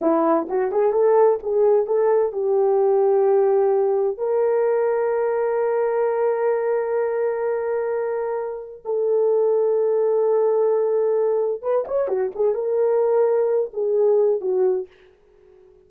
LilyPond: \new Staff \with { instrumentName = "horn" } { \time 4/4 \tempo 4 = 129 e'4 fis'8 gis'8 a'4 gis'4 | a'4 g'2.~ | g'4 ais'2.~ | ais'1~ |
ais'2. a'4~ | a'1~ | a'4 b'8 cis''8 fis'8 gis'8 ais'4~ | ais'4. gis'4. fis'4 | }